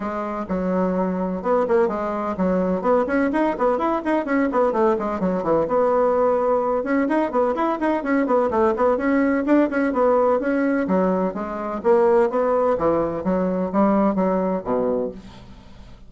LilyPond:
\new Staff \with { instrumentName = "bassoon" } { \time 4/4 \tempo 4 = 127 gis4 fis2 b8 ais8 | gis4 fis4 b8 cis'8 dis'8 b8 | e'8 dis'8 cis'8 b8 a8 gis8 fis8 e8 | b2~ b8 cis'8 dis'8 b8 |
e'8 dis'8 cis'8 b8 a8 b8 cis'4 | d'8 cis'8 b4 cis'4 fis4 | gis4 ais4 b4 e4 | fis4 g4 fis4 b,4 | }